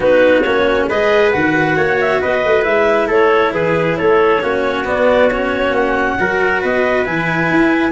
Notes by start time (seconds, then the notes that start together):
0.00 B3 D#4 F#4 B4
0.41 A#3 C#4 C#5
0.88 G#3 G#4 B4 D#5
1.31 D#3 F#4 F#5
1.76 A#3 C#5
2.00 E5
2.21 B3 B4 D#5
2.44 A3
2.62 G#3 E4 E5
3.07 A3 A4 C#5
3.52 E3 G#4 B4
3.97 A3 A4 C#5
4.40 A#3 C#4 F#4
4.84 B3 D5
5.30 C#4 C#5
5.70 A#3 F#5
6.19 F#3 F#4 A#4
6.61 B3 B4 D#5
7.05 E3 E4 G#5
7.50 E4